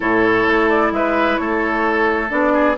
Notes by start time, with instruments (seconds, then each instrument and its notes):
0.00 bassoon A2, clarinet E4, oboe A4, flute C#5
0.47 bassoon A3
0.69 flute D5
0.91 bassoon G#3, oboe B4, flute E5
1.37 bassoon A3, oboe A4, flute C#5
2.29 bassoon B3, clarinet D4, flute D5
2.53 oboe G#4